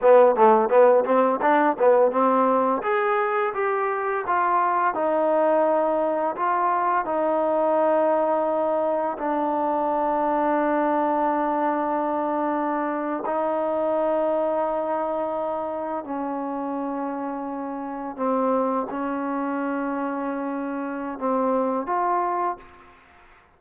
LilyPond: \new Staff \with { instrumentName = "trombone" } { \time 4/4 \tempo 4 = 85 b8 a8 b8 c'8 d'8 b8 c'4 | gis'4 g'4 f'4 dis'4~ | dis'4 f'4 dis'2~ | dis'4 d'2.~ |
d'2~ d'8. dis'4~ dis'16~ | dis'2~ dis'8. cis'4~ cis'16~ | cis'4.~ cis'16 c'4 cis'4~ cis'16~ | cis'2 c'4 f'4 | }